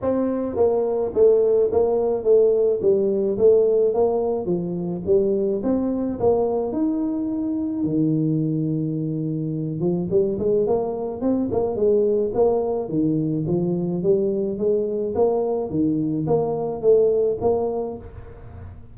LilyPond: \new Staff \with { instrumentName = "tuba" } { \time 4/4 \tempo 4 = 107 c'4 ais4 a4 ais4 | a4 g4 a4 ais4 | f4 g4 c'4 ais4 | dis'2 dis2~ |
dis4. f8 g8 gis8 ais4 | c'8 ais8 gis4 ais4 dis4 | f4 g4 gis4 ais4 | dis4 ais4 a4 ais4 | }